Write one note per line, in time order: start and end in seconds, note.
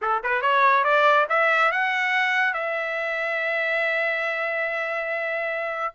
0.01 0.22 A4
0.23 0.41 B4
0.41 0.84 C#5
0.84 1.26 D5
1.29 1.71 E5
1.71 2.53 F#5
2.53 5.94 E5